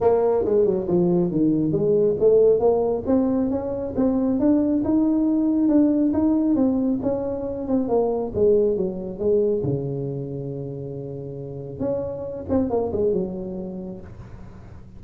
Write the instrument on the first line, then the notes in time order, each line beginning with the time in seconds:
tuba
0.00 A#3
0.44 G#3
0.65 F#3
0.87 F3
1.31 D#3
1.72 G#3
2.19 A3
2.59 A#3
3.06 C4
3.50 C#4
3.96 C4
4.39 D4
4.84 D#4
5.68 D4
6.13 D#4
6.55 C4
7.02 C#4
7.67 C4
7.88 A#3
8.34 G#3
8.77 F#3
9.18 G#3
9.63 C#3
11.79 C#4
12.49 C4
12.70 A#3
12.92 G#3
13.12 F#3